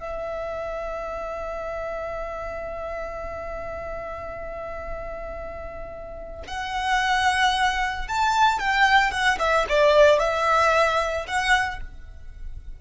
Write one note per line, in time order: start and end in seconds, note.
0.00 6.43 E5
6.47 8.08 F#5
8.08 8.59 A5
8.59 9.11 G5
9.11 9.38 F#5
9.39 9.66 E5
9.69 10.19 D5
10.19 11.26 E5
11.27 11.81 F#5